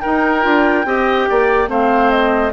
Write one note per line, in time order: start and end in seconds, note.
0.00 0.42 D#4
0.00 0.45 D#4
0.00 0.86 A#4
0.00 1.69 G5
0.42 0.85 D4
0.42 0.84 F4
0.85 1.27 C4
0.85 1.67 G4
0.85 1.29 D#5
1.29 1.68 A#3
1.29 1.69 D5
1.67 2.52 A3
1.67 2.51 C4
1.67 2.53 C5
1.67 2.10 F5
2.10 2.52 D#5